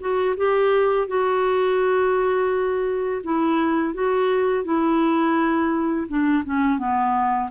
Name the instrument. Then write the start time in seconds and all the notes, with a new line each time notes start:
clarinet
0.00 F#4
0.37 G4
1.07 F#4
3.23 E4
3.94 F#4
4.64 E4
6.08 D4
6.45 C#4
6.78 B3